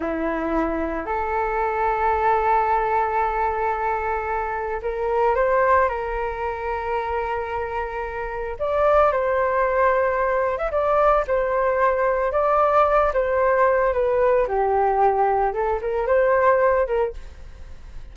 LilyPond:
\new Staff \with { instrumentName = "flute" } { \time 4/4 \tempo 4 = 112 e'2 a'2~ | a'1~ | a'4 ais'4 c''4 ais'4~ | ais'1 |
d''4 c''2~ c''8. e''16 | d''4 c''2 d''4~ | d''8 c''4. b'4 g'4~ | g'4 a'8 ais'8 c''4. ais'8 | }